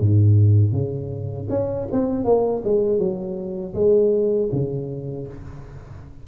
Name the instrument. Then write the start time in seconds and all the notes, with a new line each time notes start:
tuba
0.00 G#2
0.72 C#3
1.49 C#4
1.91 C4
2.24 A#3
2.64 G#3
2.98 F#3
3.74 G#3
4.52 C#3